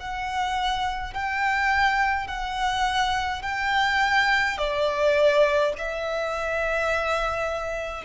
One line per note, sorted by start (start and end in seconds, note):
0.00 1.14 F#5
1.14 2.28 G5
2.28 3.42 F#5
3.42 4.58 G5
4.58 5.74 D5
5.78 8.05 E5